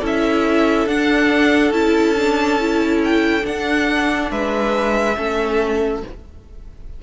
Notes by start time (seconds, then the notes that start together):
0.00 C#4 E4 A4 E5
0.86 D4 F#5
1.71 C#4 E4 A5
2.17 D4
2.59 E4
3.04 G5
3.41 D4 F#5
4.31 G#3 B4 E5
5.16 A3 C#4 A4